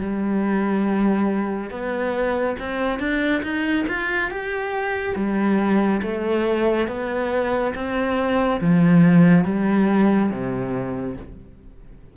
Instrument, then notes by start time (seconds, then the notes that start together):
cello
0.00 G3
1.70 B3
2.59 C4
2.99 D4
3.43 D#4
3.88 F4
4.31 G4
5.15 G3
6.02 A3
6.88 B3
7.75 C4
8.60 F3
9.44 G3
10.31 C3